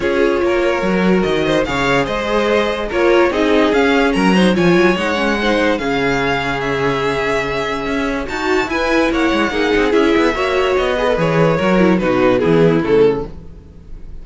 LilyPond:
<<
  \new Staff \with { instrumentName = "violin" } { \time 4/4 \tempo 4 = 145 cis''2. dis''4 | f''4 dis''2 cis''4 | dis''4 f''4 ais''4 gis''4 | fis''2 f''2 |
e''1 | a''4 gis''4 fis''2 | e''2 dis''4 cis''4~ | cis''4 b'4 gis'4 a'4 | }
  \new Staff \with { instrumentName = "violin" } { \time 4/4 gis'4 ais'2~ ais'8 c''8 | cis''4 c''2 ais'4 | gis'2 ais'8 c''8 cis''4~ | cis''4 c''4 gis'2~ |
gis'1 | fis'4 b'4 cis''4 gis'4~ | gis'4 cis''4. b'4. | ais'4 fis'4 e'2 | }
  \new Staff \with { instrumentName = "viola" } { \time 4/4 f'2 fis'2 | gis'2. f'4 | dis'4 cis'4. dis'8 f'4 | dis'8 cis'8 dis'4 cis'2~ |
cis'1 | fis'4 e'2 dis'4 | e'4 fis'4. gis'16 a'16 gis'4 | fis'8 e'8 dis'4 b4 a4 | }
  \new Staff \with { instrumentName = "cello" } { \time 4/4 cis'4 ais4 fis4 dis4 | cis4 gis2 ais4 | c'4 cis'4 fis4 f8 fis8 | gis2 cis2~ |
cis2. cis'4 | dis'4 e'4 ais8 gis8 ais8 c'8 | cis'8 b8 ais4 b4 e4 | fis4 b,4 e4 cis4 | }
>>